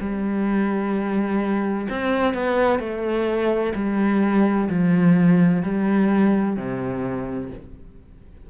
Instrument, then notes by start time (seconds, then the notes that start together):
cello
0.00 G3
1.89 C4
2.34 B3
2.79 A3
3.75 G3
4.69 F3
5.62 G3
6.56 C3